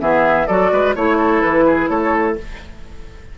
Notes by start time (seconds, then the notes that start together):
0.00 E3 B3 G#4 E5
0.47 F#3 F#4 A4 D5
0.72 G#3 B4
0.96 A3 E4 C#5
1.17 A4
1.41 E3 B4
1.66 G#4
1.89 A3 A4 C#5